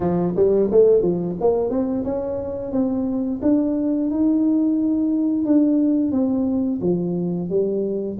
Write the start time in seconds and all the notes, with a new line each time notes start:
0.00 F3
0.36 G3
0.71 A3
1.02 F3
1.40 A#3
1.70 C4
2.04 C#4
2.72 C4
3.42 D4
4.10 D#4
5.45 D4
6.11 C4
6.81 F3
7.49 G3